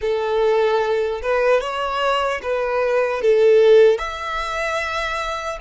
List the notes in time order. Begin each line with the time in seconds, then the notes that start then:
0.01 A4
1.22 B4
1.60 C#5
2.42 B4
3.21 A4
3.98 E5